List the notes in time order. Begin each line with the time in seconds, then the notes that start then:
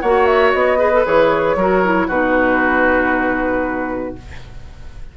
0.00 A#3 F#4 C#5 F#5
0.25 E5
0.52 B3 D#5
0.78 G#4 B4
0.93 A4
1.05 E3 G#4 C#5
1.55 F#3 F#4 A#4
1.84 E4
2.07 B2 D#4 F#4 B4